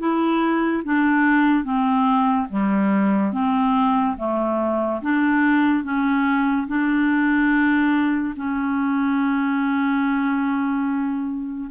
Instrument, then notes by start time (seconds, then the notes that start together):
clarinet
0.00 E4
0.84 D4
1.64 C4
2.50 G3
3.33 C4
4.18 A3
5.02 D4
5.84 C#4
6.68 D4
8.37 C#4